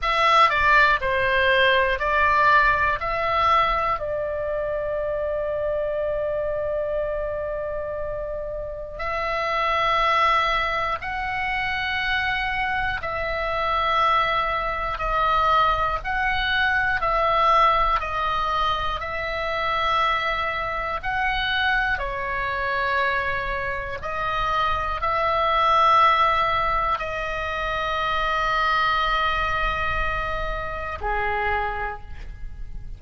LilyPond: \new Staff \with { instrumentName = "oboe" } { \time 4/4 \tempo 4 = 60 e''8 d''8 c''4 d''4 e''4 | d''1~ | d''4 e''2 fis''4~ | fis''4 e''2 dis''4 |
fis''4 e''4 dis''4 e''4~ | e''4 fis''4 cis''2 | dis''4 e''2 dis''4~ | dis''2. gis'4 | }